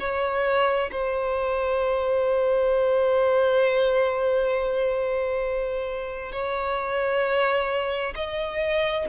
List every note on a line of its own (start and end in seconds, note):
0.00 0.91 C#5
0.92 6.32 C5
6.32 8.14 C#5
8.16 9.07 D#5